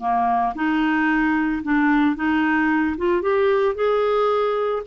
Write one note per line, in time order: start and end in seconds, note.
0.00 0.54 A#3
0.56 1.63 D#4
1.63 2.16 D4
2.16 2.97 D#4
2.98 3.22 F4
3.22 3.75 G4
3.75 4.82 G#4